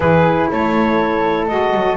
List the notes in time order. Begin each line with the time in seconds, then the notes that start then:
0.00 E3 E4 G#4 B4
0.50 A3 A4 C#5
1.47 G#3 F#4 D#5
1.73 F#3